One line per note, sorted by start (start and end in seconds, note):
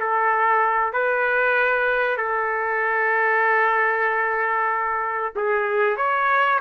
0.00 0.93 A4
0.93 2.18 B4
2.18 5.33 A4
5.36 5.97 G#4
5.97 6.60 C#5